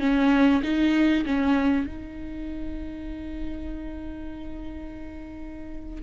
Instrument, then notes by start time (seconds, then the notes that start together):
viola
0.00 C#4
0.63 D#4
1.25 C#4
1.87 D#4